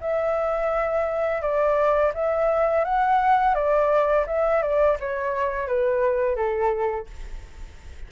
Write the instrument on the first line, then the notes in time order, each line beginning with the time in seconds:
flute
0.00 E5
1.41 D5
2.14 E5
2.84 F#5
3.54 D5
4.26 E5
4.62 D5
5.00 C#5
5.67 B4
6.35 A4